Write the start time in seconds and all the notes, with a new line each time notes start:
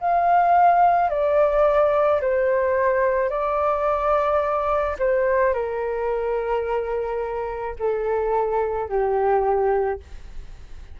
0.00 F5
1.10 D5
2.21 C5
3.30 D5
4.98 C5
5.54 A#4
7.79 A4
8.89 G4